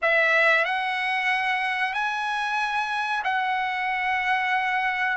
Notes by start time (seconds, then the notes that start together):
0.02 E5
0.65 F#5
1.93 G#5
3.23 F#5